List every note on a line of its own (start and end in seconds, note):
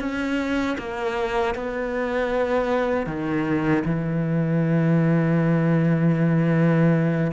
0.00 0.77 C#4
0.78 1.55 A#3
1.55 3.07 B3
3.07 3.84 D#3
3.85 7.31 E3